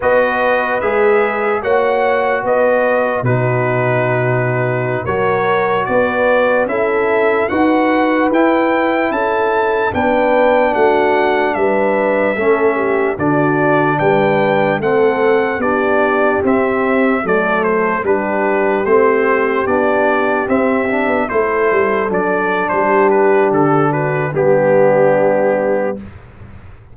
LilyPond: <<
  \new Staff \with { instrumentName = "trumpet" } { \time 4/4 \tempo 4 = 74 dis''4 e''4 fis''4 dis''4 | b'2~ b'16 cis''4 d''8.~ | d''16 e''4 fis''4 g''4 a''8.~ | a''16 g''4 fis''4 e''4.~ e''16~ |
e''16 d''4 g''4 fis''4 d''8.~ | d''16 e''4 d''8 c''8 b'4 c''8.~ | c''16 d''4 e''4 c''4 d''8. | c''8 b'8 a'8 b'8 g'2 | }
  \new Staff \with { instrumentName = "horn" } { \time 4/4 b'2 cis''4 b'4 | fis'2~ fis'16 ais'4 b'8.~ | b'16 a'4 b'2 a'8.~ | a'16 b'4 fis'4 b'4 a'8 g'16~ |
g'16 fis'4 b'4 a'4 g'8.~ | g'4~ g'16 a'4 g'4.~ g'16~ | g'2~ g'16 a'4.~ a'16 | g'4. fis'8 d'2 | }
  \new Staff \with { instrumentName = "trombone" } { \time 4/4 fis'4 gis'4 fis'2 | dis'2~ dis'16 fis'4.~ fis'16~ | fis'16 e'4 fis'4 e'4.~ e'16~ | e'16 d'2. cis'8.~ |
cis'16 d'2 c'4 d'8.~ | d'16 c'4 a4 d'4 c'8.~ | c'16 d'4 c'8 d'8 e'4 d'8.~ | d'2 b2 | }
  \new Staff \with { instrumentName = "tuba" } { \time 4/4 b4 gis4 ais4 b4 | b,2~ b,16 fis4 b8.~ | b16 cis'4 dis'4 e'4 cis'8.~ | cis'16 b4 a4 g4 a8.~ |
a16 d4 g4 a4 b8.~ | b16 c'4 fis4 g4 a8.~ | a16 b4 c'8. b16 a8 g8 fis8. | g4 d4 g2 | }
>>